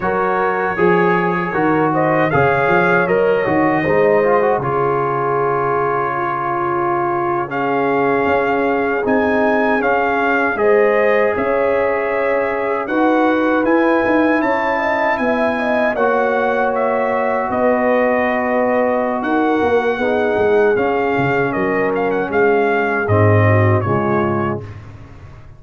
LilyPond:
<<
  \new Staff \with { instrumentName = "trumpet" } { \time 4/4 \tempo 4 = 78 cis''2~ cis''8 dis''8 f''4 | dis''2 cis''2~ | cis''4.~ cis''16 f''2 gis''16~ | gis''8. f''4 dis''4 e''4~ e''16~ |
e''8. fis''4 gis''4 a''4 gis''16~ | gis''8. fis''4 e''4 dis''4~ dis''16~ | dis''4 fis''2 f''4 | dis''8 f''16 fis''16 f''4 dis''4 cis''4 | }
  \new Staff \with { instrumentName = "horn" } { \time 4/4 ais'4 gis'4 ais'8 c''8 cis''4~ | cis''4 c''4 gis'2 | f'4.~ f'16 gis'2~ gis'16~ | gis'4.~ gis'16 c''4 cis''4~ cis''16~ |
cis''8. b'2 cis''8 dis''8 e''16~ | e''16 dis''8 cis''2 b'4~ b'16~ | b'4 ais'4 gis'2 | ais'4 gis'4. fis'8 f'4 | }
  \new Staff \with { instrumentName = "trombone" } { \time 4/4 fis'4 gis'4 fis'4 gis'4 | ais'8 fis'8 dis'8 f'16 fis'16 f'2~ | f'4.~ f'16 cis'2 dis'16~ | dis'8. cis'4 gis'2~ gis'16~ |
gis'8. fis'4 e'2~ e'16~ | e'8. fis'2.~ fis'16~ | fis'2 dis'4 cis'4~ | cis'2 c'4 gis4 | }
  \new Staff \with { instrumentName = "tuba" } { \time 4/4 fis4 f4 dis4 cis8 f8 | fis8 dis8 gis4 cis2~ | cis2~ cis8. cis'4 c'16~ | c'8. cis'4 gis4 cis'4~ cis'16~ |
cis'8. dis'4 e'8 dis'8 cis'4 b16~ | b8. ais2 b4~ b16~ | b4 dis'8 ais8 b8 gis8 cis'8 cis8 | fis4 gis4 gis,4 cis4 | }
>>